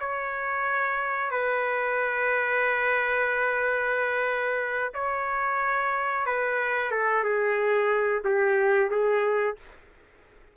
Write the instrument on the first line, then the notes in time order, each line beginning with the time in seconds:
trumpet
0.00 C#5
1.31 B4
4.94 C#5
6.26 B4
6.91 A4
7.24 G#4
8.24 G4
8.90 G#4